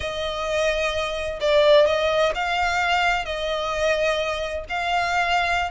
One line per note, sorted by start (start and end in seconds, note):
0.00 1.39 D#5
1.40 1.86 D5
1.86 2.33 D#5
2.34 3.25 F5
3.25 4.64 D#5
4.69 5.70 F5